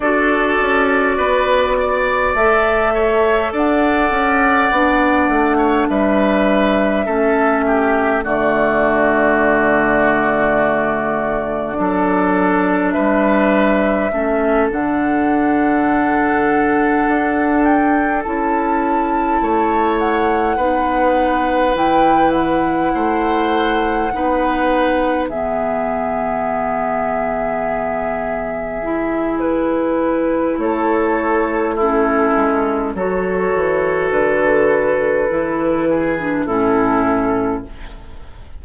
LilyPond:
<<
  \new Staff \with { instrumentName = "flute" } { \time 4/4 \tempo 4 = 51 d''2 e''4 fis''4~ | fis''4 e''2 d''4~ | d''2. e''4~ | e''8 fis''2~ fis''8 g''8 a''8~ |
a''4 fis''4. g''8 fis''4~ | fis''4. e''2~ e''8~ | e''4 b'4 cis''4 a'4 | cis''4 b'2 a'4 | }
  \new Staff \with { instrumentName = "oboe" } { \time 4/4 a'4 b'8 d''4 cis''8 d''4~ | d''8. cis''16 b'4 a'8 g'8 fis'4~ | fis'2 a'4 b'4 | a'1~ |
a'8 cis''4 b'2 c''8~ | c''8 b'4 gis'2~ gis'8~ | gis'2 a'4 e'4 | a'2~ a'8 gis'8 e'4 | }
  \new Staff \with { instrumentName = "clarinet" } { \time 4/4 fis'2 a'2 | d'2 cis'4 a4~ | a2 d'2 | cis'8 d'2. e'8~ |
e'4. dis'4 e'4.~ | e'8 dis'4 b2~ b8~ | b8 e'2~ e'8 cis'4 | fis'2 e'8. d'16 cis'4 | }
  \new Staff \with { instrumentName = "bassoon" } { \time 4/4 d'8 cis'8 b4 a4 d'8 cis'8 | b8 a8 g4 a4 d4~ | d2 fis4 g4 | a8 d2 d'4 cis'8~ |
cis'8 a4 b4 e4 a8~ | a8 b4 e2~ e8~ | e2 a4. gis8 | fis8 e8 d4 e4 a,4 | }
>>